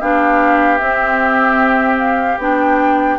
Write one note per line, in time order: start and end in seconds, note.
0.00 0.81 B3
0.00 0.79 D4
0.00 3.19 G4
0.00 0.78 F5
0.78 2.39 C4
0.78 2.38 C4
0.78 1.98 E5
1.99 2.39 F5
2.38 3.18 B3
2.38 3.19 D4
2.38 3.19 G5